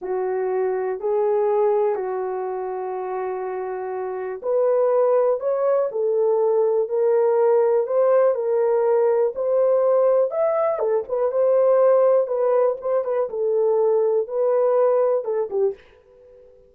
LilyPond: \new Staff \with { instrumentName = "horn" } { \time 4/4 \tempo 4 = 122 fis'2 gis'2 | fis'1~ | fis'4 b'2 cis''4 | a'2 ais'2 |
c''4 ais'2 c''4~ | c''4 e''4 a'8 b'8 c''4~ | c''4 b'4 c''8 b'8 a'4~ | a'4 b'2 a'8 g'8 | }